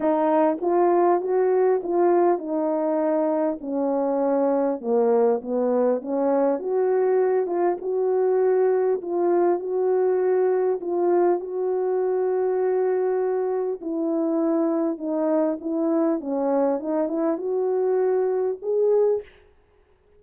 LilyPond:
\new Staff \with { instrumentName = "horn" } { \time 4/4 \tempo 4 = 100 dis'4 f'4 fis'4 f'4 | dis'2 cis'2 | ais4 b4 cis'4 fis'4~ | fis'8 f'8 fis'2 f'4 |
fis'2 f'4 fis'4~ | fis'2. e'4~ | e'4 dis'4 e'4 cis'4 | dis'8 e'8 fis'2 gis'4 | }